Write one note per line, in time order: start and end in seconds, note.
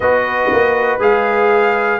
0.00 0.50 B3
0.00 1.00 F#4
0.00 2.00 B4
0.00 0.99 D#5
0.51 0.99 A#3
0.99 1.99 G#3
0.99 2.00 G#4
0.99 2.00 F5